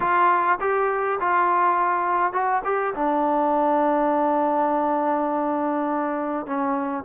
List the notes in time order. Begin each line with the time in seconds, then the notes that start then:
0.00 F4
0.60 G4
1.20 F4
2.32 F#4
2.64 G4
2.94 D4
6.46 C#4